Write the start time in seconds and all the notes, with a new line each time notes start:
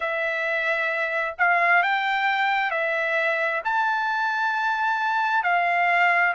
0.00 E5
1.38 F5
1.82 G5
2.70 E5
3.64 A5
5.43 F5